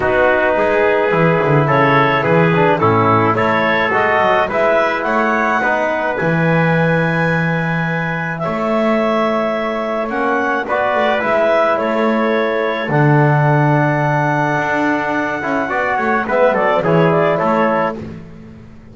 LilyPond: <<
  \new Staff \with { instrumentName = "clarinet" } { \time 4/4 \tempo 4 = 107 b'2. cis''4 | b'4 a'4 cis''4 dis''4 | e''4 fis''2 gis''4~ | gis''2. e''4~ |
e''2 fis''4 d''4 | e''4 cis''2 fis''4~ | fis''1~ | fis''4 e''8 d''8 cis''8 d''8 cis''4 | }
  \new Staff \with { instrumentName = "trumpet" } { \time 4/4 fis'4 gis'2 a'4 | gis'4 e'4 a'2 | b'4 cis''4 b'2~ | b'2. cis''4~ |
cis''2. b'4~ | b'4 a'2.~ | a'1 | d''8 cis''8 b'8 a'8 gis'4 a'4 | }
  \new Staff \with { instrumentName = "trombone" } { \time 4/4 dis'2 e'2~ | e'8 d'8 cis'4 e'4 fis'4 | e'2 dis'4 e'4~ | e'1~ |
e'2 cis'4 fis'4 | e'2. d'4~ | d'2.~ d'8 e'8 | fis'4 b4 e'2 | }
  \new Staff \with { instrumentName = "double bass" } { \time 4/4 b4 gis4 e8 d8 cis4 | e4 a,4 a4 gis8 fis8 | gis4 a4 b4 e4~ | e2. a4~ |
a2 ais4 b8 a8 | gis4 a2 d4~ | d2 d'4. cis'8 | b8 a8 gis8 fis8 e4 a4 | }
>>